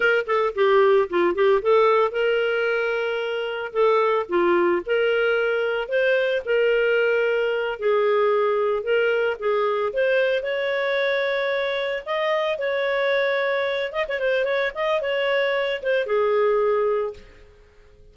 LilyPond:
\new Staff \with { instrumentName = "clarinet" } { \time 4/4 \tempo 4 = 112 ais'8 a'8 g'4 f'8 g'8 a'4 | ais'2. a'4 | f'4 ais'2 c''4 | ais'2~ ais'8 gis'4.~ |
gis'8 ais'4 gis'4 c''4 cis''8~ | cis''2~ cis''8 dis''4 cis''8~ | cis''2 dis''16 cis''16 c''8 cis''8 dis''8 | cis''4. c''8 gis'2 | }